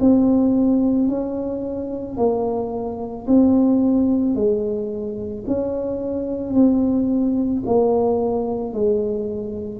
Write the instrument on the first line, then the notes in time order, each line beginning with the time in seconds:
tuba
0.00 C4
1.08 C#4
2.17 A#3
3.27 C4
4.35 G#3
5.47 C#4
6.54 C4
7.66 A#3
8.73 G#3